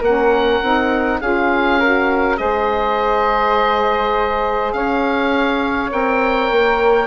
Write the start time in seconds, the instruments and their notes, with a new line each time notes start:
0.00 bassoon A#3, saxophone C#4, flute A#4, oboe F#5
0.62 bassoon C4, saxophone D#4
1.21 bassoon C#4, saxophone F4, flute G#4, oboe F5
1.80 saxophone F#4, flute A#4
2.37 bassoon G#3, saxophone G#4, flute C5, oboe D#5
4.72 bassoon C#4, flute C#5, oboe F5
5.91 bassoon C4, saxophone A#4, oboe G5
6.51 bassoon A#3